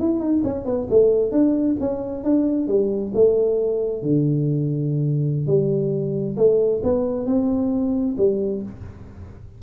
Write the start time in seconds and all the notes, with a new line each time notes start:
0.00 E4
0.20 D#4
0.44 C#4
0.65 B3
0.90 A3
1.32 D4
1.80 C#4
2.24 D4
2.68 G3
3.15 A3
4.03 D3
5.47 G3
6.37 A3
6.83 B3
7.26 C4
8.18 G3